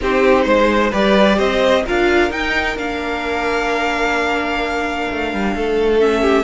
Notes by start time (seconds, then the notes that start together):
0.01 C4 D#4 G4 C5
0.44 G#3 C5
0.90 G3 G4 B4 D5
1.37 C4 C5 D#5
1.85 D4 F4 A#4 F5
2.30 D#4 G5
2.76 A#3 D4 F5
5.10 A3
5.33 G3
5.54 A3 A4
5.99 C#4 E5
6.21 G4